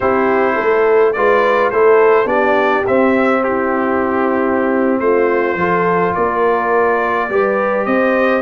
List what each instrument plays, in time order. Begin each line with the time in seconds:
0.00 tuba C4, trombone E4, horn G4, trumpet C5
0.54 horn A4
0.60 tuba A3
1.12 tuba G#3, trombone F4, horn B4, trumpet D5
1.70 tuba A3, trombone E4, horn A4, trumpet C5
2.25 tuba B3, trombone D4, horn G4, trumpet D5
2.87 trombone C4, tuba C4, trumpet E5
3.43 horn E4, trumpet G4
4.99 tuba A3, horn F4, trumpet C5
5.55 tuba F3, trombone F4, horn A4
6.14 tuba A#3, horn A#4, trumpet D5
7.29 tuba G3, trombone G4, horn B4
7.85 tuba C4, horn C5, trumpet D#5